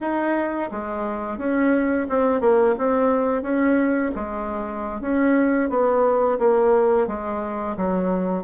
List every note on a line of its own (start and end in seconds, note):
0.01 0.70 D#4
0.71 1.38 G#3
1.38 2.07 C#4
2.09 2.40 C4
2.40 2.75 A#3
2.77 3.42 C4
3.42 4.11 C#4
4.15 5.00 G#3
5.00 5.69 C#4
5.69 6.38 B3
6.38 7.07 A#3
7.07 7.76 G#3
7.76 8.43 F#3